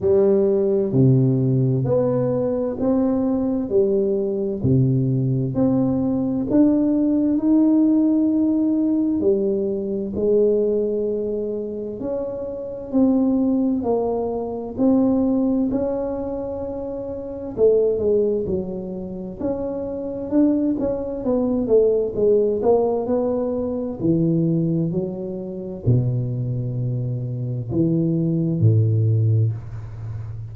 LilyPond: \new Staff \with { instrumentName = "tuba" } { \time 4/4 \tempo 4 = 65 g4 c4 b4 c'4 | g4 c4 c'4 d'4 | dis'2 g4 gis4~ | gis4 cis'4 c'4 ais4 |
c'4 cis'2 a8 gis8 | fis4 cis'4 d'8 cis'8 b8 a8 | gis8 ais8 b4 e4 fis4 | b,2 e4 a,4 | }